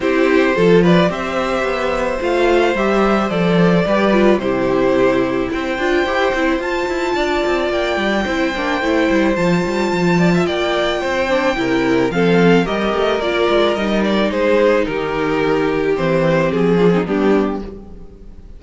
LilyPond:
<<
  \new Staff \with { instrumentName = "violin" } { \time 4/4 \tempo 4 = 109 c''4. d''8 e''2 | f''4 e''4 d''2 | c''2 g''2 | a''2 g''2~ |
g''4 a''2 g''4~ | g''2 f''4 dis''4 | d''4 dis''8 d''8 c''4 ais'4~ | ais'4 c''4 gis'4 g'4 | }
  \new Staff \with { instrumentName = "violin" } { \time 4/4 g'4 a'8 b'8 c''2~ | c''2. b'4 | g'2 c''2~ | c''4 d''2 c''4~ |
c''2~ c''8 d''16 e''16 d''4 | c''4 ais'4 a'4 ais'4~ | ais'2 gis'4 g'4~ | g'2~ g'8 f'16 dis'16 d'4 | }
  \new Staff \with { instrumentName = "viola" } { \time 4/4 e'4 f'4 g'2 | f'4 g'4 a'4 g'8 f'8 | e'2~ e'8 f'8 g'8 e'8 | f'2. e'8 d'8 |
e'4 f'2.~ | f'8 d'8 e'4 c'4 g'4 | f'4 dis'2.~ | dis'4 c'4. d'16 c'16 b4 | }
  \new Staff \with { instrumentName = "cello" } { \time 4/4 c'4 f4 c'4 b4 | a4 g4 f4 g4 | c2 c'8 d'8 e'8 c'8 | f'8 e'8 d'8 c'8 ais8 g8 c'8 ais8 |
a8 g8 f8 g8 f4 ais4 | c'4 c4 f4 g8 a8 | ais8 gis8 g4 gis4 dis4~ | dis4 e4 f4 g4 | }
>>